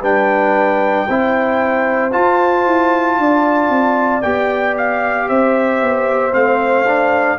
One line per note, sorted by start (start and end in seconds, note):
0.00 1.06 G3
0.00 1.08 D4
0.00 1.05 B4
0.00 2.12 G5
1.09 2.14 C4
1.09 2.11 E4
1.09 3.19 C5
2.11 4.22 F4
2.11 2.65 F4
2.11 4.22 A5
2.65 3.18 E4
3.18 3.70 D4
3.18 5.29 D5
3.70 4.22 C4
4.22 5.29 B3
4.22 6.33 G4
4.22 4.75 G5
4.77 5.29 F5
5.29 5.82 C4
5.29 7.38 C5
5.29 6.34 E5
5.82 6.34 B3
6.33 7.38 A3
6.33 6.85 C4
6.33 7.38 F5
6.87 7.38 D4